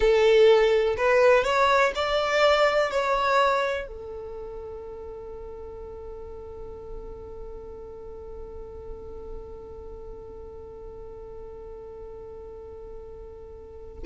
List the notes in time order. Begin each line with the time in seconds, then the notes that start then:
0.00 A4
0.97 B4
1.43 C#5
1.95 D5
2.90 C#5
3.87 A4